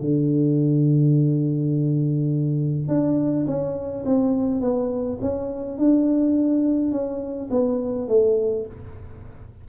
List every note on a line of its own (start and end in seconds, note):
0.00 2.88 D3
2.88 3.45 D4
3.46 4.04 C#4
4.05 4.60 C4
4.60 5.18 B3
5.21 5.78 C#4
5.78 6.91 D4
6.91 7.49 C#4
7.50 8.08 B3
8.08 8.65 A3